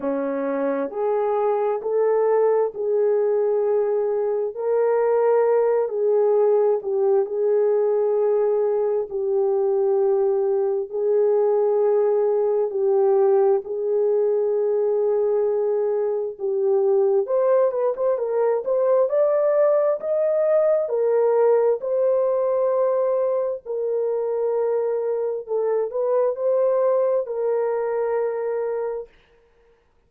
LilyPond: \new Staff \with { instrumentName = "horn" } { \time 4/4 \tempo 4 = 66 cis'4 gis'4 a'4 gis'4~ | gis'4 ais'4. gis'4 g'8 | gis'2 g'2 | gis'2 g'4 gis'4~ |
gis'2 g'4 c''8 b'16 c''16 | ais'8 c''8 d''4 dis''4 ais'4 | c''2 ais'2 | a'8 b'8 c''4 ais'2 | }